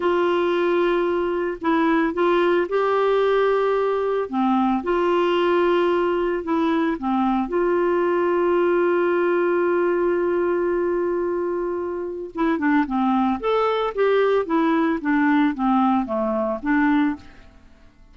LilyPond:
\new Staff \with { instrumentName = "clarinet" } { \time 4/4 \tempo 4 = 112 f'2. e'4 | f'4 g'2. | c'4 f'2. | e'4 c'4 f'2~ |
f'1~ | f'2. e'8 d'8 | c'4 a'4 g'4 e'4 | d'4 c'4 a4 d'4 | }